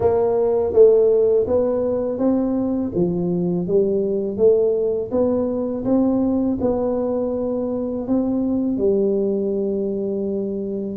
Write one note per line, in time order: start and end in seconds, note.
0.00 0.73 A#3
0.73 1.46 A3
1.47 2.18 B3
2.18 2.91 C4
2.95 3.67 F3
3.67 4.37 G3
4.37 5.10 A3
5.11 5.84 B3
5.84 6.58 C4
6.61 8.07 B3
8.07 8.77 C4
8.77 10.96 G3